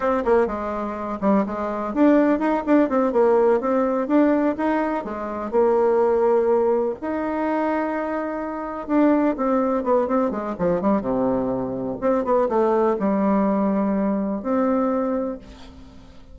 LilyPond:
\new Staff \with { instrumentName = "bassoon" } { \time 4/4 \tempo 4 = 125 c'8 ais8 gis4. g8 gis4 | d'4 dis'8 d'8 c'8 ais4 c'8~ | c'8 d'4 dis'4 gis4 ais8~ | ais2~ ais8 dis'4.~ |
dis'2~ dis'8 d'4 c'8~ | c'8 b8 c'8 gis8 f8 g8 c4~ | c4 c'8 b8 a4 g4~ | g2 c'2 | }